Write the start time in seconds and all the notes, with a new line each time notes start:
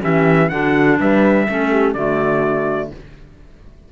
0.00 E3 C#4 G4 E5
0.49 D3 D4 F#4 F#5
0.99 G3 B4 E5
1.48 A3 C#4 A4
1.71 G4
1.93 D3 A3 F#4 D5